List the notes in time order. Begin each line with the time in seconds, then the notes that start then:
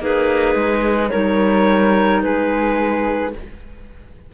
0.00 A#3 D#4 G#4 B4
0.55 G#3
1.09 G3 D#4 A#4 C#5
2.22 G#3 G#4 B4